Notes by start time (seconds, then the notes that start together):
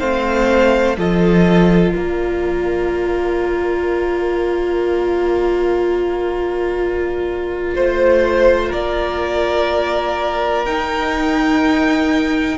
0.00 A3 C4 C5 F5
0.98 F3 F4 A4 D#5
1.93 A#3 A#4 D5
7.76 A3 C5
8.69 A#3 A#4 D5
10.66 D#4 G5